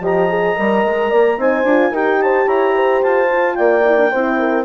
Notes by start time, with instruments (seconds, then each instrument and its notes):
0.00 bassoon F3, horn G4 D#5, clarinet A#5
0.29 horn G#4
0.56 bassoon G3, horn A#4
0.85 bassoon G#3
1.11 bassoon A#3, horn D5
1.38 bassoon C4, horn D#4 C5, clarinet G#5
1.64 bassoon D4, horn F4
1.91 bassoon D#4, horn G4 A#4, clarinet G5
2.21 horn C5, clarinet A5
2.47 bassoon E4, horn C#5, clarinet A#5
2.75 horn C5
3.03 bassoon F4, clarinet A5
3.28 horn F4
3.55 bassoon A#3, horn D5, clarinet G5
3.86 horn E4
3.98 horn D4
4.11 bassoon C4, horn E4 C5
4.40 horn A#4